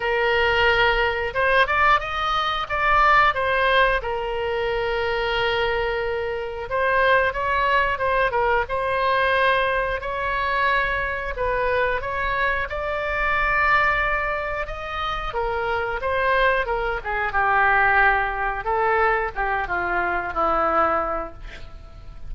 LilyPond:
\new Staff \with { instrumentName = "oboe" } { \time 4/4 \tempo 4 = 90 ais'2 c''8 d''8 dis''4 | d''4 c''4 ais'2~ | ais'2 c''4 cis''4 | c''8 ais'8 c''2 cis''4~ |
cis''4 b'4 cis''4 d''4~ | d''2 dis''4 ais'4 | c''4 ais'8 gis'8 g'2 | a'4 g'8 f'4 e'4. | }